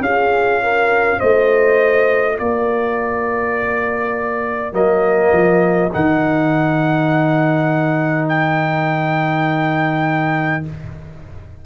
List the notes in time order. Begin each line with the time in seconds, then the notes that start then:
0.00 C#4 F4 G#4 F5
0.63 A#4
1.19 A3 C5 D#5
2.36 A#3 A#4 D5
4.72 F#3 A#3 D#5
5.32 F3
5.92 D#3 D#4 F#5
8.28 G5